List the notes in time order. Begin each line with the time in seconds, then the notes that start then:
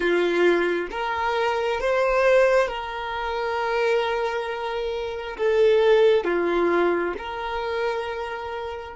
0.00 F4
0.91 A#4
1.80 C5
2.68 A#4
5.37 A4
6.24 F4
7.18 A#4